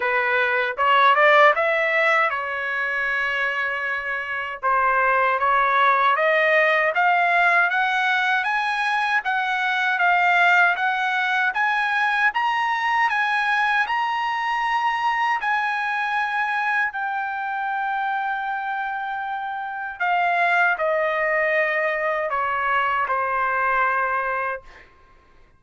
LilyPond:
\new Staff \with { instrumentName = "trumpet" } { \time 4/4 \tempo 4 = 78 b'4 cis''8 d''8 e''4 cis''4~ | cis''2 c''4 cis''4 | dis''4 f''4 fis''4 gis''4 | fis''4 f''4 fis''4 gis''4 |
ais''4 gis''4 ais''2 | gis''2 g''2~ | g''2 f''4 dis''4~ | dis''4 cis''4 c''2 | }